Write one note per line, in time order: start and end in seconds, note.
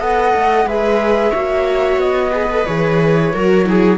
0.00 0.33 B3
0.00 0.67 A4
0.00 0.67 D#5
0.00 0.68 F#5
0.35 0.65 A3
0.65 1.32 G#3
0.65 1.34 G#4
0.65 1.31 B4
0.65 2.00 E5
1.31 1.97 A#3
1.31 2.32 F#4
1.31 2.31 C#5
1.97 2.63 B3
1.97 2.66 D#5
2.32 2.49 G#4
2.32 3.34 B4
2.51 2.66 A4
2.66 3.34 E3
2.66 3.33 G#4
2.66 3.98 C#5
3.34 3.98 F#3
3.34 3.65 F#4
3.34 3.67 A#4
3.65 3.98 E4
3.65 3.98 G#4